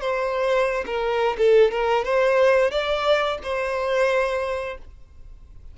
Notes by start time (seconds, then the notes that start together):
0.00 C5
0.86 A#4
1.38 A4
1.71 A#4
2.04 C5
2.71 D5
3.43 C5